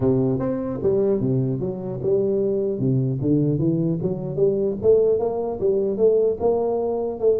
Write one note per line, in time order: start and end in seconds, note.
0.00 0.39 C3
0.39 0.79 C4
0.83 1.20 G3
1.20 1.59 C3
1.59 1.99 F#3
2.02 2.79 G3
2.79 3.19 C3
3.21 3.59 D3
3.59 3.99 E3
4.02 4.36 F#3
4.36 4.76 G3
4.82 5.19 A3
5.19 5.59 A#3
5.60 5.97 G3
5.97 6.37 A3
6.39 7.19 A#3
7.19 7.39 A3